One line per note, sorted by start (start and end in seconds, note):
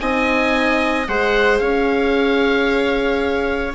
0.00 1.08 C4
0.00 1.07 D#4
0.00 1.09 D#5
0.00 1.08 G#5
1.08 1.61 G#3
1.08 3.75 G#4
1.08 1.61 C5
1.08 1.59 F#5
1.59 3.75 C#4
1.59 3.75 C#5
1.59 3.73 F5